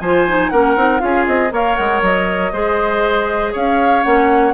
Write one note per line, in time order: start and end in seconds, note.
0.00 0.51 F3
0.00 0.28 F4
0.00 0.52 C5
0.00 0.50 G#5
0.28 0.53 D#4
0.50 0.76 A#3
0.50 0.78 C#4
0.50 1.02 A#4
0.50 1.00 F#5
0.76 1.02 C4
0.76 1.00 D#4
1.00 1.28 C#4
1.00 1.50 F4
1.00 1.54 G#4
1.00 1.26 F5
1.27 1.52 C4
1.27 1.52 D#5
1.52 1.77 A#3
1.52 2.54 A#4
1.52 2.53 C#5
1.52 1.76 F5
1.76 2.02 G#3
1.76 2.01 F#5
2.02 2.53 F#3
2.02 3.55 D#5
2.53 3.54 G#3
2.53 4.04 G#4
2.53 3.53 C5
3.53 4.06 C#4
3.53 4.54 C#5
3.53 4.04 F5
4.04 4.54 A#3
4.04 4.54 C#4
4.04 4.54 F#5